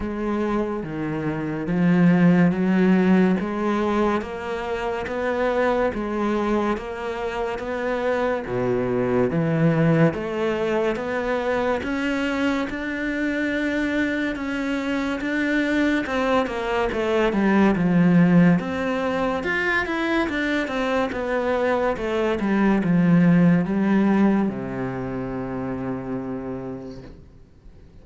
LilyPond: \new Staff \with { instrumentName = "cello" } { \time 4/4 \tempo 4 = 71 gis4 dis4 f4 fis4 | gis4 ais4 b4 gis4 | ais4 b4 b,4 e4 | a4 b4 cis'4 d'4~ |
d'4 cis'4 d'4 c'8 ais8 | a8 g8 f4 c'4 f'8 e'8 | d'8 c'8 b4 a8 g8 f4 | g4 c2. | }